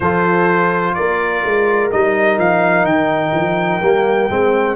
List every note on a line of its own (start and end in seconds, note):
0.00 0.92 F3
0.00 1.91 F4
0.00 0.95 A4
0.00 0.94 C5
0.94 1.44 A#3
0.94 4.75 A#4
0.94 1.89 D5
1.44 1.92 G#3
1.91 2.38 G3
1.91 3.81 D#4
1.91 2.38 D#5
2.38 2.84 F3
2.38 2.85 F5
2.84 3.31 D#3
2.84 4.75 G5
3.33 3.80 F3
3.81 4.29 G3
3.81 4.29 A#3
4.29 4.75 G#3
4.29 4.75 C4